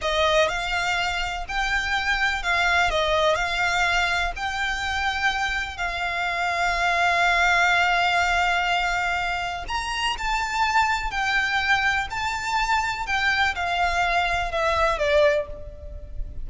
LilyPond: \new Staff \with { instrumentName = "violin" } { \time 4/4 \tempo 4 = 124 dis''4 f''2 g''4~ | g''4 f''4 dis''4 f''4~ | f''4 g''2. | f''1~ |
f''1 | ais''4 a''2 g''4~ | g''4 a''2 g''4 | f''2 e''4 d''4 | }